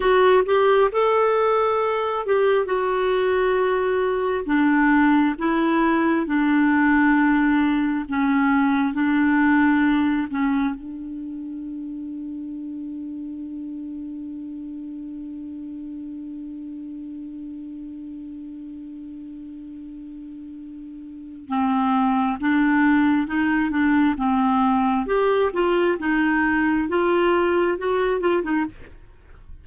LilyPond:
\new Staff \with { instrumentName = "clarinet" } { \time 4/4 \tempo 4 = 67 fis'8 g'8 a'4. g'8 fis'4~ | fis'4 d'4 e'4 d'4~ | d'4 cis'4 d'4. cis'8 | d'1~ |
d'1~ | d'1 | c'4 d'4 dis'8 d'8 c'4 | g'8 f'8 dis'4 f'4 fis'8 f'16 dis'16 | }